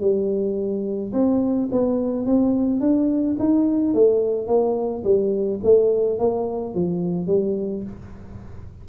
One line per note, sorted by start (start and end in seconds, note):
0.00 1.12 G3
1.13 1.69 C4
1.71 2.26 B3
2.26 2.80 C4
2.80 3.36 D4
3.39 3.94 D#4
3.94 4.47 A3
4.47 5.03 A#3
5.04 5.60 G3
5.64 6.19 A3
6.19 6.74 A#3
6.74 7.27 F3
7.27 7.83 G3